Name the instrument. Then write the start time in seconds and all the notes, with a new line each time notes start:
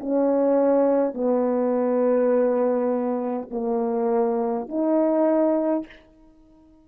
horn
0.00 C#4
1.14 B3
3.51 A#3
4.68 D#4